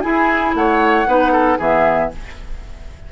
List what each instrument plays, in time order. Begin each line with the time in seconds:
0.00 clarinet E4, bassoon E4, oboe G#4, flute G#5
0.54 bassoon A3, oboe C#5, flute F#5
1.06 bassoon B3, clarinet D#4, oboe B4
1.32 oboe A4
1.58 bassoon E3, clarinet B3, oboe G#4, flute E5